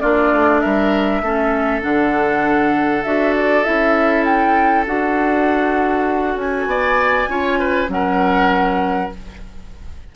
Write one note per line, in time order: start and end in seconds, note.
0.00 0.32 A#3
0.00 1.23 D4
0.00 0.61 F4
0.00 0.60 D5
0.32 0.62 A3
0.60 1.22 G3
0.60 1.22 A#4
0.60 1.81 E5
1.22 1.82 A3
1.22 1.82 C#4
1.22 6.69 A4
1.82 3.05 D3
1.82 3.03 D4
1.82 3.03 F#5
3.04 3.65 D4
3.04 3.64 F#4
3.04 3.34 E5
3.36 3.63 D5
3.63 4.86 C#4
3.63 4.86 E4
3.63 4.24 E5
4.25 4.85 G5
4.86 6.35 D4
4.86 7.29 F#4
4.86 6.38 F#5
6.35 6.66 C#4
6.35 7.90 G#5
6.66 7.27 B3
6.66 7.30 D5
7.28 7.88 C#4
7.28 7.88 F4
7.28 7.59 C#5
7.59 7.89 B4
7.88 9.09 F#3
7.88 9.09 C#4
7.88 9.15 A#4
7.88 9.12 F#5